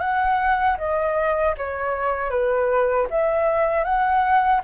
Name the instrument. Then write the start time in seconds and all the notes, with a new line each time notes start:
flute
0.00 F#5
0.78 D#5
1.58 C#5
2.30 B4
3.10 E5
3.85 F#5